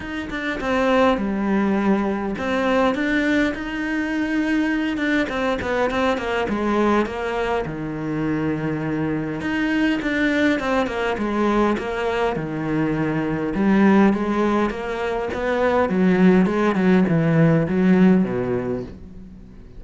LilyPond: \new Staff \with { instrumentName = "cello" } { \time 4/4 \tempo 4 = 102 dis'8 d'8 c'4 g2 | c'4 d'4 dis'2~ | dis'8 d'8 c'8 b8 c'8 ais8 gis4 | ais4 dis2. |
dis'4 d'4 c'8 ais8 gis4 | ais4 dis2 g4 | gis4 ais4 b4 fis4 | gis8 fis8 e4 fis4 b,4 | }